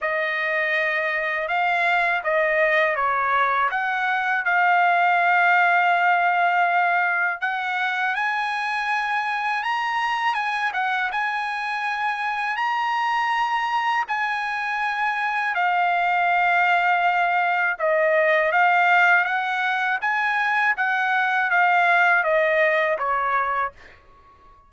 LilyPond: \new Staff \with { instrumentName = "trumpet" } { \time 4/4 \tempo 4 = 81 dis''2 f''4 dis''4 | cis''4 fis''4 f''2~ | f''2 fis''4 gis''4~ | gis''4 ais''4 gis''8 fis''8 gis''4~ |
gis''4 ais''2 gis''4~ | gis''4 f''2. | dis''4 f''4 fis''4 gis''4 | fis''4 f''4 dis''4 cis''4 | }